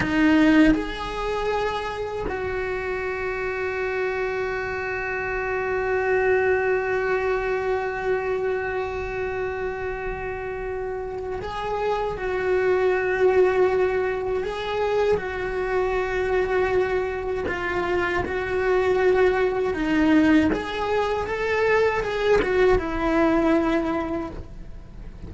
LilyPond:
\new Staff \with { instrumentName = "cello" } { \time 4/4 \tempo 4 = 79 dis'4 gis'2 fis'4~ | fis'1~ | fis'1~ | fis'2. gis'4 |
fis'2. gis'4 | fis'2. f'4 | fis'2 dis'4 gis'4 | a'4 gis'8 fis'8 e'2 | }